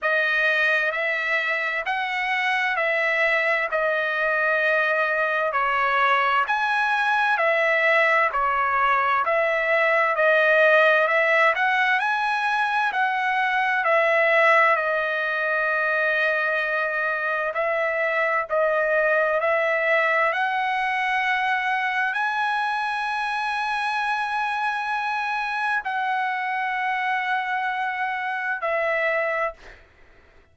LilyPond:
\new Staff \with { instrumentName = "trumpet" } { \time 4/4 \tempo 4 = 65 dis''4 e''4 fis''4 e''4 | dis''2 cis''4 gis''4 | e''4 cis''4 e''4 dis''4 | e''8 fis''8 gis''4 fis''4 e''4 |
dis''2. e''4 | dis''4 e''4 fis''2 | gis''1 | fis''2. e''4 | }